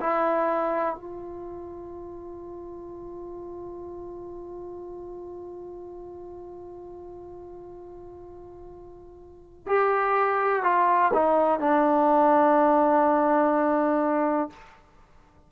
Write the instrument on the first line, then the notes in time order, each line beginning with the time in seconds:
trombone
0.00 E4
0.95 F4
9.66 G4
10.63 F4
11.13 D#4
11.60 D4